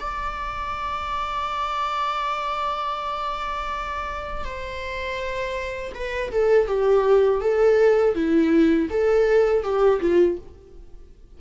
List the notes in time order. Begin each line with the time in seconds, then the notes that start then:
0.00 D5
4.44 C5
5.95 B4
6.32 A4
6.68 G4
7.41 A4
8.15 E4
8.91 A4
9.63 G4
10.01 F4